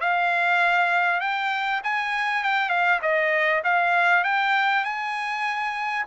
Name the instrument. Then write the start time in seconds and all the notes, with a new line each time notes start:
trumpet
0.00 F5
1.20 G5
1.83 G#5
2.44 G5
2.69 F5
3.02 D#5
3.64 F5
4.24 G5
4.84 G#5